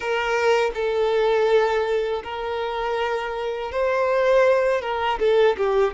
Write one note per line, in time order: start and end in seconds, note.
0.00 0.71 A#4
0.74 2.22 A4
2.23 3.71 A#4
3.71 4.81 C5
4.81 5.18 A#4
5.19 5.56 A4
5.57 5.94 G4